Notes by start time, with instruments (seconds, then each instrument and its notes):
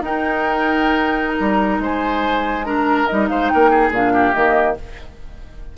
0.00 bassoon D#4, clarinet D#4, oboe A#4, flute G5
1.29 flute A#5
1.40 bassoon G3
1.79 bassoon G#3, oboe C5, flute G#5
2.65 clarinet D4, oboe A#4, flute A#5
3.06 bassoon G3, clarinet D#4, flute D#5
3.28 bassoon G#3, oboe C5, flute F5
3.49 bassoon A#3, oboe A#4, flute G5
3.70 oboe G#4
3.90 bassoon A#2, clarinet D4, flute F5
4.13 oboe G4
4.33 bassoon D#3, clarinet A#3, flute D#5